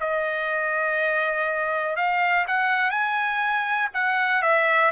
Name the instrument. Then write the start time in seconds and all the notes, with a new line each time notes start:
trumpet
0.00 D#5
1.96 F5
2.47 F#5
2.91 G#5
3.94 F#5
4.42 E5